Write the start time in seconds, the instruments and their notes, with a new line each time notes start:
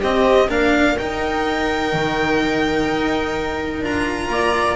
0.00 double bass C4, cello C4, viola G4, violin D#5
0.48 double bass A#3, cello D4, viola A#4, violin F5
0.98 cello D#4, double bass D#4, violin G5
1.92 double bass D#3
2.86 double bass D#4
3.81 double bass D4, cello F4, violin A#5
4.28 double bass A#3, viola D5